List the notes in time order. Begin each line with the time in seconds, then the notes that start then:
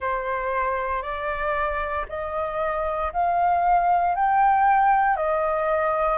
0.00 C5
1.02 D5
2.08 D#5
3.12 F5
4.15 G5
5.16 D#5